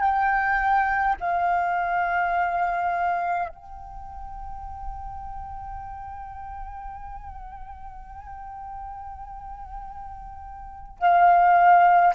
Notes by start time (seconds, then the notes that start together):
0.00 G5
1.20 F5
3.48 G5
10.99 F5